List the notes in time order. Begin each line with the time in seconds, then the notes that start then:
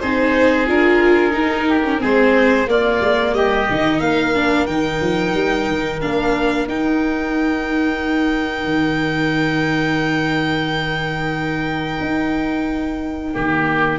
0.00 C4 D#4 G#4 C5
0.67 D4 F4 A#4
1.31 D#4
1.69 G4
1.85 C#4
1.98 G#3 C4 G#4 C5
2.67 A#3 F4 D5
3.01 G#3
3.33 G3 G4 D#5
3.70 D#3 D#4
4.00 A#3 A#4 F5
4.35 D4
4.67 D#3 D#4 G5
5.01 F3
5.34 G3
5.68 D#3
6.01 A#3 D4 F5
6.67 D#4 G5
8.65 D#3
12.01 D#4
13.34 D#3 A#3 G4